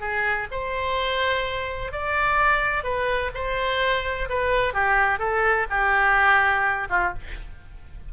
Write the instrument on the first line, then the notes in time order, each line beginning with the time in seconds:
oboe
0.00 G#4
0.51 C5
1.92 D5
2.83 B4
3.34 C5
4.29 B4
4.74 G4
5.19 A4
5.70 G4
6.89 F4